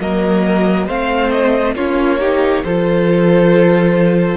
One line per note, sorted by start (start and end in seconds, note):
0.00 0.88 F#3
0.00 0.88 A#3
0.00 0.87 A#4
0.00 0.89 D#5
0.87 1.76 A3
0.87 1.77 C4
0.87 1.75 C5
0.87 1.31 F5
1.31 1.75 D#5
1.76 2.64 A#3
1.76 2.21 C#4
1.76 2.20 F4
1.76 2.64 C#5
2.20 2.65 D#4
2.20 2.64 G4
2.65 4.38 F3
2.65 4.38 F4
2.65 4.38 A4
2.65 4.38 C5